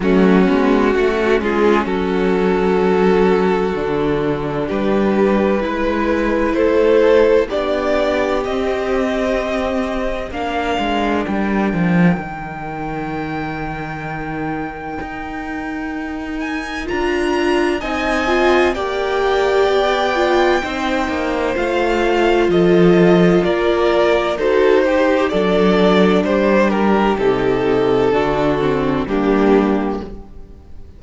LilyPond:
<<
  \new Staff \with { instrumentName = "violin" } { \time 4/4 \tempo 4 = 64 fis'4. gis'8 a'2~ | a'4 b'2 c''4 | d''4 dis''2 f''4 | g''1~ |
g''4. gis''8 ais''4 gis''4 | g''2. f''4 | dis''4 d''4 c''4 d''4 | c''8 ais'8 a'2 g'4 | }
  \new Staff \with { instrumentName = "violin" } { \time 4/4 cis'4 fis'8 f'8 fis'2~ | fis'4 g'4 b'4 a'4 | g'2. ais'4~ | ais'1~ |
ais'2. dis''4 | d''2 c''2 | a'4 ais'4 a'8 g'8 a'4 | g'2 fis'4 d'4 | }
  \new Staff \with { instrumentName = "viola" } { \time 4/4 a8 b8 cis'2. | d'2 e'2 | d'4 c'2 d'4~ | d'4 dis'2.~ |
dis'2 f'4 dis'8 f'8 | g'4. f'8 dis'4 f'4~ | f'2 fis'8 g'8 d'4~ | d'4 dis'4 d'8 c'8 ais4 | }
  \new Staff \with { instrumentName = "cello" } { \time 4/4 fis8 gis8 a8 gis8 fis2 | d4 g4 gis4 a4 | b4 c'2 ais8 gis8 | g8 f8 dis2. |
dis'2 d'4 c'4 | ais4 b4 c'8 ais8 a4 | f4 ais4 dis'4 fis4 | g4 c4 d4 g4 | }
>>